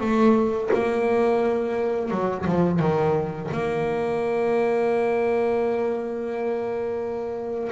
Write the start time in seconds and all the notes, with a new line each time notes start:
0.00 A3
0.73 A#3
2.11 F#3
2.46 F3
2.79 D#3
3.51 A#3